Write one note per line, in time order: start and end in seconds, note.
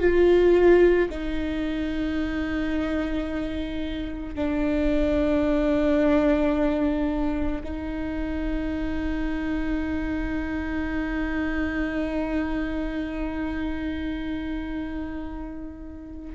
0.00 1.09 F4
1.10 4.35 D#4
4.35 7.62 D4
7.64 16.35 D#4